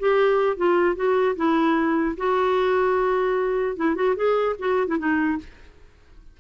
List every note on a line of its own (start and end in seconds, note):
0.00 0.57 G4
0.57 0.96 F4
0.96 1.36 F#4
1.37 2.17 E4
2.18 3.77 F#4
3.77 3.96 E4
3.96 4.16 F#4
4.17 4.57 G#4
4.59 4.88 F#4
4.88 4.98 E4
4.99 5.39 D#4